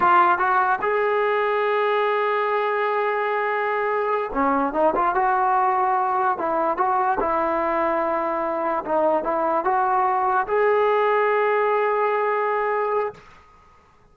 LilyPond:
\new Staff \with { instrumentName = "trombone" } { \time 4/4 \tempo 4 = 146 f'4 fis'4 gis'2~ | gis'1~ | gis'2~ gis'8 cis'4 dis'8 | f'8 fis'2. e'8~ |
e'8 fis'4 e'2~ e'8~ | e'4. dis'4 e'4 fis'8~ | fis'4. gis'2~ gis'8~ | gis'1 | }